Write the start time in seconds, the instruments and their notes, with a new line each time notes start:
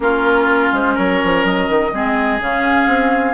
0.00 bassoon A#3, clarinet C#4, oboe F4, flute A#4
0.72 bassoon G#3, flute C5
0.94 bassoon F#3, oboe A#4, flute C#5
1.24 bassoon F3
1.44 bassoon F#3, flute D#5
1.69 bassoon D#3
1.92 bassoon G#3, clarinet C4, oboe G#4
2.39 bassoon C#3, clarinet C#4, flute F5
2.87 bassoon C4